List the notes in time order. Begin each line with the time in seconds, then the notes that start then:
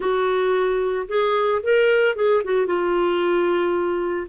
0.00 F#4
1.08 G#4
1.62 A#4
2.15 G#4
2.44 F#4
2.66 F4